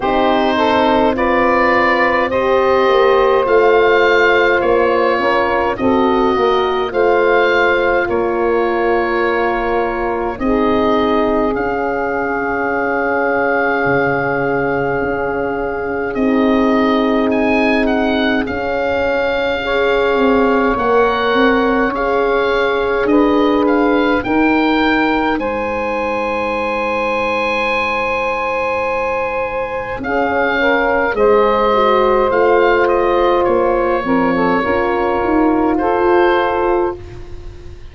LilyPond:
<<
  \new Staff \with { instrumentName = "oboe" } { \time 4/4 \tempo 4 = 52 c''4 d''4 dis''4 f''4 | cis''4 dis''4 f''4 cis''4~ | cis''4 dis''4 f''2~ | f''2 dis''4 gis''8 fis''8 |
f''2 fis''4 f''4 | dis''8 f''8 g''4 gis''2~ | gis''2 f''4 dis''4 | f''8 dis''8 cis''2 c''4 | }
  \new Staff \with { instrumentName = "saxophone" } { \time 4/4 g'8 a'8 b'4 c''2~ | c''8 ais'8 a'8 ais'8 c''4 ais'4~ | ais'4 gis'2.~ | gis'1~ |
gis'4 cis''2. | b'4 ais'4 c''2~ | c''2 gis'8 ais'8 c''4~ | c''4. ais'16 a'16 ais'4 a'4 | }
  \new Staff \with { instrumentName = "horn" } { \time 4/4 dis'4 f'4 g'4 f'4~ | f'4 fis'4 f'2~ | f'4 dis'4 cis'2~ | cis'2 dis'2 |
cis'4 gis'4 ais'4 gis'4~ | gis'4 dis'2.~ | dis'2 cis'4 gis'8 fis'8 | f'4. f8 f'2 | }
  \new Staff \with { instrumentName = "tuba" } { \time 4/4 c'2~ c'8 ais8 a4 | ais8 cis'8 c'8 ais8 a4 ais4~ | ais4 c'4 cis'2 | cis4 cis'4 c'2 |
cis'4. c'8 ais8 c'8 cis'4 | d'4 dis'4 gis2~ | gis2 cis'4 gis4 | a4 ais8 c'8 cis'8 dis'8 f'4 | }
>>